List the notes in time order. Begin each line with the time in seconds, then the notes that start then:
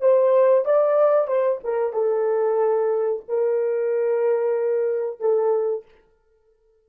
0.00 C5
0.65 D5
1.27 C5
1.64 A#4
1.93 A4
3.28 A#4
5.20 A4